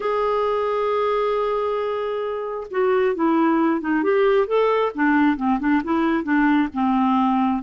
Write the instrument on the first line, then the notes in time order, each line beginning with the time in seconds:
clarinet
0.00 G#4
2.70 F#4
3.15 E4
3.80 D#4
4.03 G4
4.47 A4
4.95 D4
5.36 C4
5.59 D4
5.84 E4
6.23 D4
6.73 C4